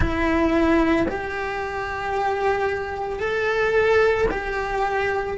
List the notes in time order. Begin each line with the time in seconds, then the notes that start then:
0.00 E4
1.08 G4
3.19 A4
4.31 G4